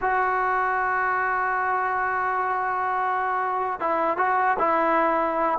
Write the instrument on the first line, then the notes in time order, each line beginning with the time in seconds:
trombone
0.01 F#4
3.79 E4
4.17 F#4
4.59 E4